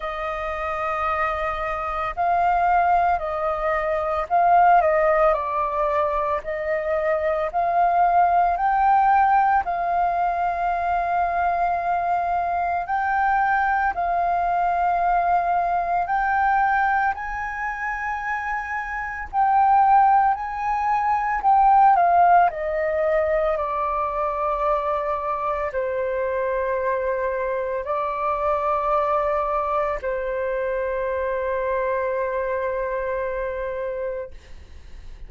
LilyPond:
\new Staff \with { instrumentName = "flute" } { \time 4/4 \tempo 4 = 56 dis''2 f''4 dis''4 | f''8 dis''8 d''4 dis''4 f''4 | g''4 f''2. | g''4 f''2 g''4 |
gis''2 g''4 gis''4 | g''8 f''8 dis''4 d''2 | c''2 d''2 | c''1 | }